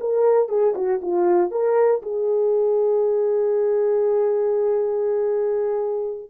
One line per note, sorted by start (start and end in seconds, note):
0.00 0.48 A#4
0.48 0.74 G#4
0.74 1.00 F#4
1.02 1.51 F4
1.51 2.01 A#4
2.02 6.30 G#4